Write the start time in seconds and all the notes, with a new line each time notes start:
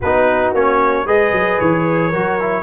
0.00 B3 D#4 F#4 B4
0.53 A#3 C#4 C#5
1.05 G#3 G#4 B4 D#5
1.32 F#3
1.60 E3 C#5
2.08 F#3 F#4 A#4
2.40 E4